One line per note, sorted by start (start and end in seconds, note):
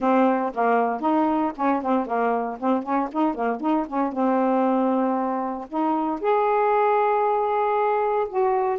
0.00 0.52 C4
0.54 1.00 A#3
1.00 1.52 D#4
1.56 1.82 C#4
1.82 2.06 C4
2.06 2.58 A#3
2.59 2.83 C4
2.83 3.08 C#4
3.12 3.34 D#4
3.34 3.60 A#3
3.60 3.86 D#4
3.87 4.12 C#4
4.12 5.67 C4
5.68 6.20 D#4
6.20 8.27 G#4
8.29 8.78 F#4